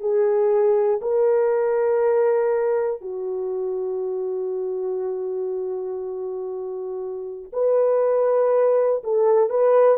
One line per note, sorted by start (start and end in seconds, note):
0.00 1.00 G#4
1.01 3.01 A#4
3.01 7.51 F#4
7.53 9.03 B4
9.04 9.50 A4
9.50 9.98 B4